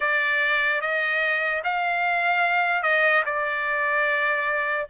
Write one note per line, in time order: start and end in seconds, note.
0.00 0.81 D5
0.81 1.62 D#5
1.64 2.82 F5
2.82 3.23 D#5
3.25 4.87 D5